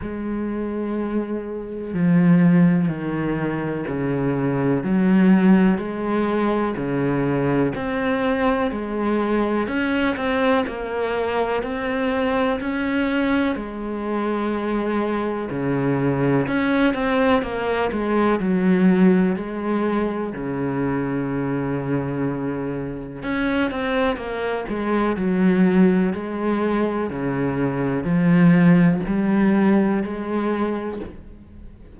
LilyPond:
\new Staff \with { instrumentName = "cello" } { \time 4/4 \tempo 4 = 62 gis2 f4 dis4 | cis4 fis4 gis4 cis4 | c'4 gis4 cis'8 c'8 ais4 | c'4 cis'4 gis2 |
cis4 cis'8 c'8 ais8 gis8 fis4 | gis4 cis2. | cis'8 c'8 ais8 gis8 fis4 gis4 | cis4 f4 g4 gis4 | }